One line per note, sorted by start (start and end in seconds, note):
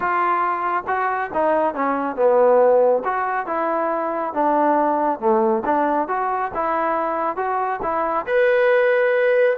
0.00 0.84 F4
0.87 1.30 F#4
1.33 1.74 D#4
1.74 2.16 C#4
2.16 3.03 B3
3.04 3.46 F#4
3.46 4.33 E4
4.33 5.19 D4
5.19 5.63 A3
5.65 6.08 D4
6.08 6.51 F#4
6.54 7.36 E4
7.36 7.80 F#4
7.82 8.25 E4
8.26 9.56 B4